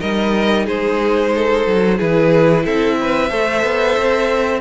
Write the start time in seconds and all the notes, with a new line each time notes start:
0.00 G3 D#4 A#4 D#5
0.66 G#3 G#4 C5
1.35 A4
1.67 F#3
1.98 E3 E4 G#4 B4
2.65 C4 A4 E5
3.01 B4
3.30 A3 A4 C5
3.63 B3
3.98 C4